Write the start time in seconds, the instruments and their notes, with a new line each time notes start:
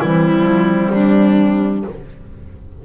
0.00 double bass E3, clarinet G3, horn C4, violin E4
0.43 double bass F3
0.92 double bass G3, violin D4